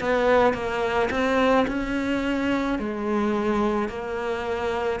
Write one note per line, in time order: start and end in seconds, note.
0.00 0.53 B3
0.53 1.09 A#3
1.10 1.66 C4
1.67 2.78 C#4
2.78 3.88 G#3
3.88 4.99 A#3